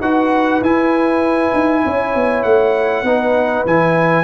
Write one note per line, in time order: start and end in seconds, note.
0.00 0.61 D#4
0.00 0.62 F#4
0.00 1.83 B4
0.00 0.62 F#5
0.61 1.52 E4
0.61 3.05 E4
0.61 2.42 G#5
1.53 1.83 D#4
1.85 2.15 C#4
1.85 3.05 C#5
2.15 2.44 B3
2.42 3.03 A3
2.42 3.64 F#5
3.03 3.63 B3
3.03 3.66 D#4
3.03 4.24 B4
3.65 4.24 E3
3.65 4.24 E4
3.65 4.24 G#5